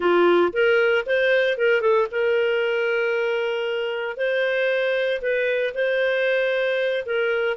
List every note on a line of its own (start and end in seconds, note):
0.00 0.52 F4
0.52 1.05 A#4
1.06 1.57 C5
1.57 1.81 A#4
1.81 2.07 A4
2.11 4.16 A#4
4.16 5.21 C5
5.21 5.73 B4
5.74 7.04 C5
7.05 7.56 A#4